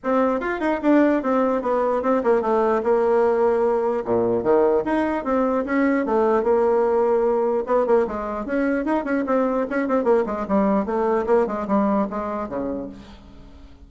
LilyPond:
\new Staff \with { instrumentName = "bassoon" } { \time 4/4 \tempo 4 = 149 c'4 f'8 dis'8 d'4 c'4 | b4 c'8 ais8 a4 ais4~ | ais2 ais,4 dis4 | dis'4 c'4 cis'4 a4 |
ais2. b8 ais8 | gis4 cis'4 dis'8 cis'8 c'4 | cis'8 c'8 ais8 gis8 g4 a4 | ais8 gis8 g4 gis4 cis4 | }